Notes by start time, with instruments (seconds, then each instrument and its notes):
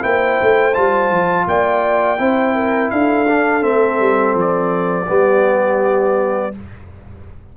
0.00 tuba A#3, trombone E4, horn C5, trumpet G5
0.41 tuba A3
0.74 tuba G3, trombone F4, trumpet A5
1.10 tuba F3
1.47 tuba A#3, horn D5, trumpet G5
2.17 tuba C4, trombone E4, horn C5
2.55 horn A#4
2.90 tuba D4, horn A4, trumpet F5
3.27 trombone D4
3.61 tuba A3, trombone C4, trumpet E5
3.99 tuba G3
4.34 tuba F3, trumpet D5
5.07 tuba G3, trombone B3, horn G4